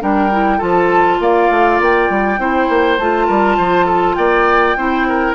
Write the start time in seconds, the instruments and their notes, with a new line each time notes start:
0.00 bassoon G3, clarinet D4, oboe A#4, flute G5
0.31 clarinet E4
0.57 bassoon F3, clarinet F4, oboe A4, flute A5
1.20 bassoon A#3, oboe D5, flute F5
1.50 bassoon A3
1.80 bassoon A#3, flute G5
2.10 bassoon G3
2.38 bassoon C4, clarinet E4, oboe C5
2.69 bassoon A#3
2.98 bassoon A3, clarinet F4, flute A5
3.26 bassoon G3, oboe A#4
3.57 bassoon F3, oboe C5
3.85 oboe A4
4.15 bassoon A#3, oboe D5, flute G5
4.76 bassoon C4, clarinet E4, oboe C5
5.08 oboe A#4